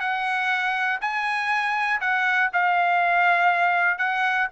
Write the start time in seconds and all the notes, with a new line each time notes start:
0.00 F#5
1.01 G#5
2.01 F#5
2.53 F5
3.98 F#5